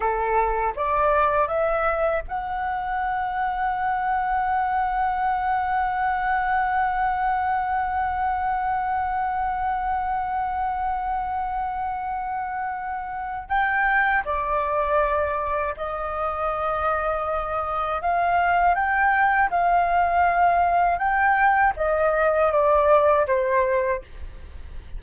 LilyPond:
\new Staff \with { instrumentName = "flute" } { \time 4/4 \tempo 4 = 80 a'4 d''4 e''4 fis''4~ | fis''1~ | fis''1~ | fis''1~ |
fis''2 g''4 d''4~ | d''4 dis''2. | f''4 g''4 f''2 | g''4 dis''4 d''4 c''4 | }